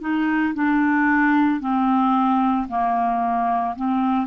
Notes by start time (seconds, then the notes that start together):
0.00 D#4
0.54 D4
1.60 C4
2.68 A#3
3.75 C4